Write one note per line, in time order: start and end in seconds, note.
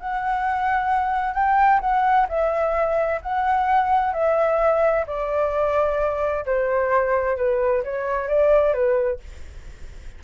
0.00 1.34 F#5
1.34 1.81 G5
1.81 2.27 F#5
2.29 3.21 E5
3.22 4.13 F#5
4.13 5.06 E5
5.07 6.46 D5
6.46 7.37 C5
7.37 7.84 B4
7.84 8.29 C#5
8.29 8.74 D5
8.74 9.20 B4